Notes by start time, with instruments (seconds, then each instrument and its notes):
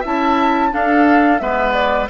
0.00 bassoon C#4, clarinet E4, oboe E5
0.06 flute A5
0.71 clarinet D4, bassoon D4, oboe A4, flute F5
1.39 bassoon G#3, clarinet B3, oboe B4, flute E5
1.73 flute D5